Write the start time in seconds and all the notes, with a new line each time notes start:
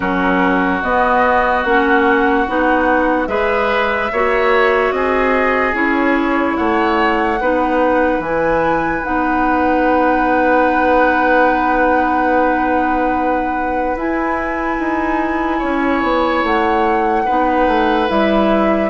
0.00 F#3 C#4 F#4 A#4
0.82 B3 D#5
1.63 A#3 C#4 F#5
2.47 B3 D#4
3.27 G#3 G#4 B4 E5
4.11 A#3 F#4 C#5
4.91 C4 G#4 D#5
5.73 C#4 E4 C#5
6.57 A3 C#5 F#5
7.40 B3 D#4 B4
8.18 E3 E4 G#5
9.03 B3 D#4 F#5
13.95 E4 G#5
14.79 D#4
15.58 C#4 C#5
16.02 B3
16.43 A3 F#5
17.25 B3 D#4 B4
17.67 A3
18.07 G3 E4 E5